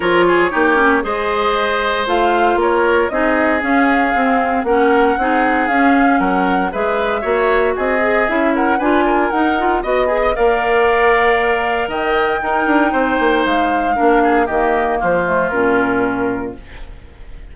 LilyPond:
<<
  \new Staff \with { instrumentName = "flute" } { \time 4/4 \tempo 4 = 116 cis''2 dis''2 | f''4 cis''4 dis''4 f''4~ | f''4 fis''2 f''4 | fis''4 e''2 dis''4 |
e''8 fis''8 gis''4 fis''4 dis''4 | f''2. g''4~ | g''2 f''2 | dis''4 c''4 ais'2 | }
  \new Staff \with { instrumentName = "oboe" } { \time 4/4 ais'8 gis'8 g'4 c''2~ | c''4 ais'4 gis'2~ | gis'4 ais'4 gis'2 | ais'4 b'4 cis''4 gis'4~ |
gis'8 ais'8 b'8 ais'4. dis''8 gis'16 dis''16 | d''2. dis''4 | ais'4 c''2 ais'8 gis'8 | g'4 f'2. | }
  \new Staff \with { instrumentName = "clarinet" } { \time 4/4 f'4 dis'8 cis'8 gis'2 | f'2 dis'4 cis'4 | c'4 cis'4 dis'4 cis'4~ | cis'4 gis'4 fis'4. gis'8 |
e'4 f'4 dis'8 f'8 fis'8 gis'8 | ais'1 | dis'2. d'4 | ais4. a8 cis'2 | }
  \new Staff \with { instrumentName = "bassoon" } { \time 4/4 f4 ais4 gis2 | a4 ais4 c'4 cis'4 | c'4 ais4 c'4 cis'4 | fis4 gis4 ais4 c'4 |
cis'4 d'4 dis'4 b4 | ais2. dis4 | dis'8 d'8 c'8 ais8 gis4 ais4 | dis4 f4 ais,2 | }
>>